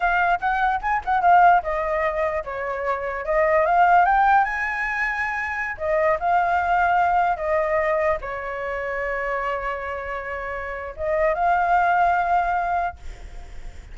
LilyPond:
\new Staff \with { instrumentName = "flute" } { \time 4/4 \tempo 4 = 148 f''4 fis''4 gis''8 fis''8 f''4 | dis''2 cis''2 | dis''4 f''4 g''4 gis''4~ | gis''2~ gis''16 dis''4 f''8.~ |
f''2~ f''16 dis''4.~ dis''16~ | dis''16 cis''2.~ cis''8.~ | cis''2. dis''4 | f''1 | }